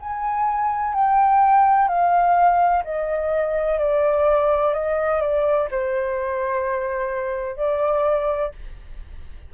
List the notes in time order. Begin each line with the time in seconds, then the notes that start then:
0.00 G#5
0.94 G5
1.88 F5
2.85 D#5
3.79 D5
4.74 D#5
5.21 D5
5.71 C5
7.57 D5